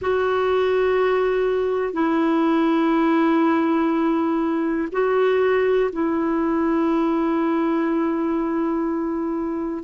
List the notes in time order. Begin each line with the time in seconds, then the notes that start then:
0.01 F#4
1.93 E4
4.92 F#4
5.92 E4